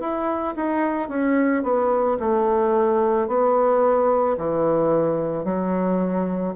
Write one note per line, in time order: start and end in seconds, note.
0.00 0.55 E4
0.56 1.09 D#4
1.09 1.63 C#4
1.63 2.18 B3
2.20 3.28 A3
3.28 4.37 B3
4.38 5.44 E3
5.44 6.54 F#3